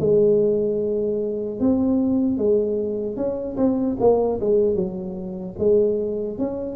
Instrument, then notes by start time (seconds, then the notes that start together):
tuba
0.00 G#3
1.60 C4
2.37 G#3
3.16 C#4
3.56 C4
4.00 A#3
4.40 G#3
4.75 F#3
5.59 G#3
6.38 C#4